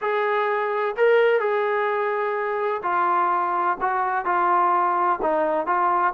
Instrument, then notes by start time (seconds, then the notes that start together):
trombone
0.01 G#4
0.96 A#4
1.40 G#4
2.83 F4
3.80 F#4
4.25 F4
5.22 D#4
5.66 F4